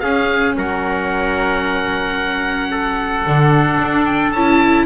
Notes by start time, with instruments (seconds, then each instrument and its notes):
0.00 double bass C#4, viola C#4, trumpet G#4, oboe F5
0.56 double bass F#3, trumpet A#4, oboe F#5
2.70 trumpet A4
3.26 double bass D3, viola D4
3.81 double bass D4
4.05 oboe G5
4.32 double bass C#4, viola E4, oboe A5